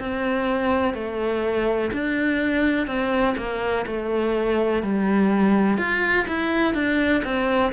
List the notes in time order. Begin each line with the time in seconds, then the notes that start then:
0.00 C4
0.95 A3
1.93 D4
2.87 C4
3.37 A#3
3.87 A3
4.83 G3
5.78 F4
6.28 E4
6.74 D4
7.24 C4